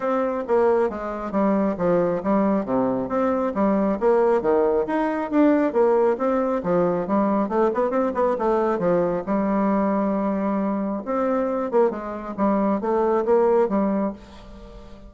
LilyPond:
\new Staff \with { instrumentName = "bassoon" } { \time 4/4 \tempo 4 = 136 c'4 ais4 gis4 g4 | f4 g4 c4 c'4 | g4 ais4 dis4 dis'4 | d'4 ais4 c'4 f4 |
g4 a8 b8 c'8 b8 a4 | f4 g2.~ | g4 c'4. ais8 gis4 | g4 a4 ais4 g4 | }